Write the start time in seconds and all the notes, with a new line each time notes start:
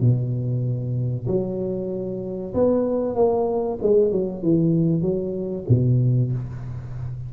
0.00 B2
1.27 F#3
2.54 B3
3.15 A#3
3.82 G#3
4.11 F#3
4.42 E3
5.02 F#3
5.69 B2